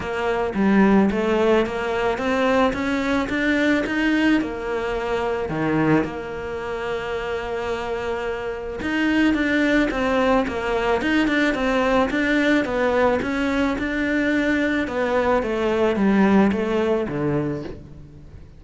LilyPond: \new Staff \with { instrumentName = "cello" } { \time 4/4 \tempo 4 = 109 ais4 g4 a4 ais4 | c'4 cis'4 d'4 dis'4 | ais2 dis4 ais4~ | ais1 |
dis'4 d'4 c'4 ais4 | dis'8 d'8 c'4 d'4 b4 | cis'4 d'2 b4 | a4 g4 a4 d4 | }